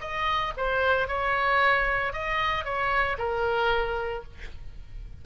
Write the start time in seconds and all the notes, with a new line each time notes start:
0.00 D#5
0.56 C5
1.07 C#5
2.12 D#5
2.64 C#5
3.18 A#4